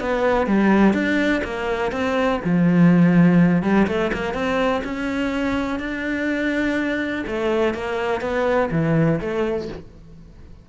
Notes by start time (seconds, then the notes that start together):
0.00 B3
0.47 G3
0.93 D4
1.44 A#3
1.92 C4
2.44 F3
3.63 G3
3.87 A3
4.13 A#3
4.34 C4
4.84 C#4
5.80 D4
7.27 A3
7.74 A#3
8.21 B3
8.71 E3
9.20 A3